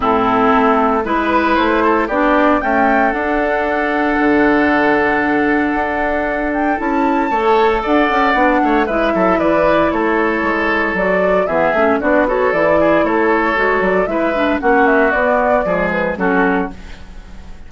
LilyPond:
<<
  \new Staff \with { instrumentName = "flute" } { \time 4/4 \tempo 4 = 115 a'2 b'4 c''4 | d''4 g''4 fis''2~ | fis''1~ | fis''8 g''8 a''2 fis''4~ |
fis''4 e''4 d''4 cis''4~ | cis''4 d''4 e''4 d''8 cis''8 | d''4 cis''4. d''8 e''4 | fis''8 e''8 d''4. b'8 a'4 | }
  \new Staff \with { instrumentName = "oboe" } { \time 4/4 e'2 b'4. a'8 | g'4 a'2.~ | a'1~ | a'2 cis''4 d''4~ |
d''8 cis''8 b'8 a'8 b'4 a'4~ | a'2 gis'4 fis'8 a'8~ | a'8 gis'8 a'2 b'4 | fis'2 gis'4 fis'4 | }
  \new Staff \with { instrumentName = "clarinet" } { \time 4/4 c'2 e'2 | d'4 a4 d'2~ | d'1~ | d'4 e'4 a'2 |
d'4 e'2.~ | e'4 fis'4 b8 cis'8 d'8 fis'8 | e'2 fis'4 e'8 d'8 | cis'4 b4 gis4 cis'4 | }
  \new Staff \with { instrumentName = "bassoon" } { \time 4/4 a,4 a4 gis4 a4 | b4 cis'4 d'2 | d2. d'4~ | d'4 cis'4 a4 d'8 cis'8 |
b8 a8 gis8 fis8 e4 a4 | gis4 fis4 e8 a8 b4 | e4 a4 gis8 fis8 gis4 | ais4 b4 f4 fis4 | }
>>